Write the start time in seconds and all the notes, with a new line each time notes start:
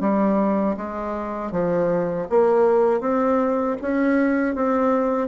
0.00 G3
0.77 G#3
1.52 F3
2.29 A#3
3.00 C4
3.81 C#4
4.55 C4